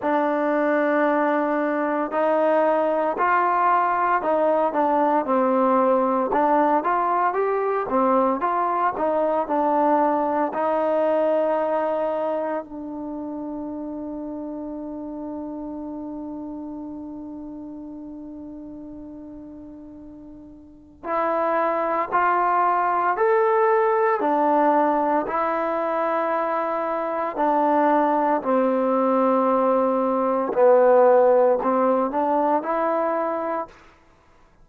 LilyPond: \new Staff \with { instrumentName = "trombone" } { \time 4/4 \tempo 4 = 57 d'2 dis'4 f'4 | dis'8 d'8 c'4 d'8 f'8 g'8 c'8 | f'8 dis'8 d'4 dis'2 | d'1~ |
d'1 | e'4 f'4 a'4 d'4 | e'2 d'4 c'4~ | c'4 b4 c'8 d'8 e'4 | }